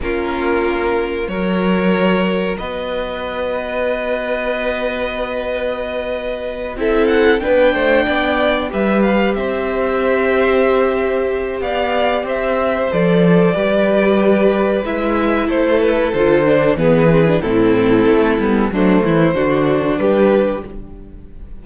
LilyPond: <<
  \new Staff \with { instrumentName = "violin" } { \time 4/4 \tempo 4 = 93 ais'2 cis''2 | dis''1~ | dis''2~ dis''8 e''8 fis''8 g''8~ | g''4. e''8 f''8 e''4.~ |
e''2 f''4 e''4 | d''2. e''4 | c''8 b'8 c''4 b'4 a'4~ | a'4 c''2 b'4 | }
  \new Staff \with { instrumentName = "violin" } { \time 4/4 f'2 ais'2 | b'1~ | b'2~ b'8 a'4 b'8 | c''8 d''4 b'4 c''4.~ |
c''2 d''4 c''4~ | c''4 b'2. | a'2 gis'4 e'4~ | e'4 d'8 e'8 fis'4 g'4 | }
  \new Staff \with { instrumentName = "viola" } { \time 4/4 cis'2 fis'2~ | fis'1~ | fis'2~ fis'8 e'4 d'8~ | d'4. g'2~ g'8~ |
g'1 | a'4 g'2 e'4~ | e'4 f'8 d'8 b8 c'16 d'16 c'4~ | c'8 b8 a4 d'2 | }
  \new Staff \with { instrumentName = "cello" } { \time 4/4 ais2 fis2 | b1~ | b2~ b8 c'4 b8 | a8 b4 g4 c'4.~ |
c'2 b4 c'4 | f4 g2 gis4 | a4 d4 e4 a,4 | a8 g8 fis8 e8 d4 g4 | }
>>